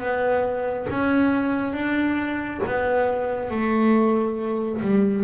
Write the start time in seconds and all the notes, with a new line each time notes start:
0.00 B3
0.90 C#4
1.73 D4
2.66 B3
3.51 A3
4.81 G3